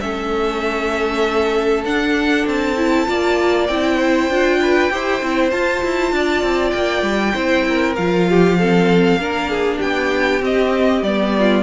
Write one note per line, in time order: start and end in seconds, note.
0.00 1.84 A3
0.00 1.86 C#4
0.00 3.08 A4
0.00 1.84 E5
1.84 2.46 D4
1.84 2.76 D4
1.84 2.47 F#5
2.46 3.07 C4
2.46 3.66 A5
2.76 3.06 E4
3.06 3.69 A#3
3.06 3.67 F4
3.06 3.96 D5
3.66 4.29 C4
3.66 4.31 E4
3.66 5.50 G5
3.96 4.58 C5
4.29 4.90 D4
4.29 4.90 F4
4.62 4.92 B4
4.90 5.22 E4
4.90 5.21 G4
4.90 6.15 C5
5.22 5.52 C4
5.22 5.52 E4
5.51 7.34 F4
5.51 5.83 F4
5.51 6.71 A5
5.83 6.12 E4
6.12 6.42 D4
6.12 7.34 D5
6.42 6.73 C4
6.71 7.02 A#3
6.71 7.93 G5
7.02 7.33 G3
7.34 7.97 C4
7.34 7.95 E4
7.34 7.64 C5
7.69 8.30 A#4
7.96 9.16 F3
7.96 8.59 F4
7.96 9.79 F5
8.30 8.59 G4
8.59 9.19 C4
8.59 9.20 A4
9.16 9.78 A#3
9.16 10.41 D4
9.16 9.50 A#4
9.50 9.78 G#4
9.78 10.41 B3
9.78 11.31 G4
9.78 10.42 G5
10.41 11.02 C4
10.41 11.03 D#5
11.02 11.63 G3
11.02 11.63 B3
11.02 11.63 D5
11.38 11.63 F4